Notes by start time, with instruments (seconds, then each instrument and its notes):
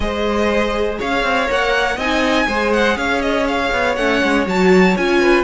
0.00 cello G#3, viola G#4, violin C5 D#5
0.98 cello C#4, violin C#5 F5
1.23 cello C4
1.46 cello A#3, viola A#4, violin F#5
1.96 cello C4, viola D#4, violin D#5 G#5
2.47 cello G#3, viola G#4, violin C5
2.72 violin F#5
2.96 cello C#4, violin C#5 F5
3.21 violin D#5
3.48 violin F5
3.72 cello B3
3.95 cello A3, viola C#4, violin F#5
4.23 cello G#3
4.46 cello F#3, viola F#4, violin A5
4.97 cello C#4, viola F4, violin G#5
5.21 violin B4